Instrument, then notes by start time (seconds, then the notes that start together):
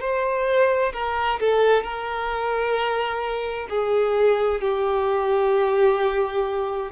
violin
0.00 C5
0.93 A#4
1.39 A4
1.83 A#4
3.69 G#4
4.61 G4